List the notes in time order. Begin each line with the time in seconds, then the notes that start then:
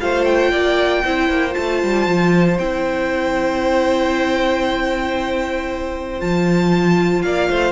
0.00 A3 F4 C5 F5
0.24 G5
0.51 A#3 D5
1.04 C4 E4 C5
1.29 A#3
1.51 F4 A5
1.57 A3
1.83 G3
2.07 F3
2.58 C4 E4 G5
6.19 F3 F4 A5
7.22 A#3 D5 F5
7.49 A3 C5